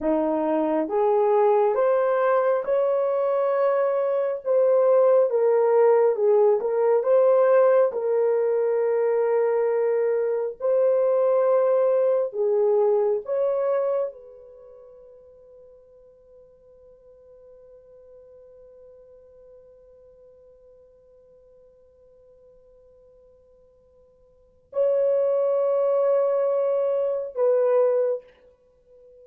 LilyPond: \new Staff \with { instrumentName = "horn" } { \time 4/4 \tempo 4 = 68 dis'4 gis'4 c''4 cis''4~ | cis''4 c''4 ais'4 gis'8 ais'8 | c''4 ais'2. | c''2 gis'4 cis''4 |
b'1~ | b'1~ | b'1 | cis''2. b'4 | }